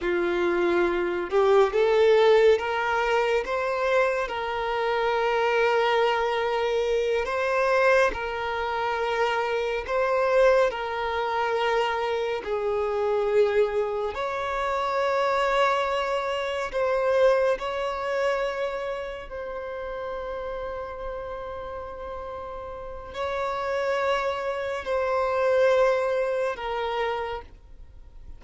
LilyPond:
\new Staff \with { instrumentName = "violin" } { \time 4/4 \tempo 4 = 70 f'4. g'8 a'4 ais'4 | c''4 ais'2.~ | ais'8 c''4 ais'2 c''8~ | c''8 ais'2 gis'4.~ |
gis'8 cis''2. c''8~ | c''8 cis''2 c''4.~ | c''2. cis''4~ | cis''4 c''2 ais'4 | }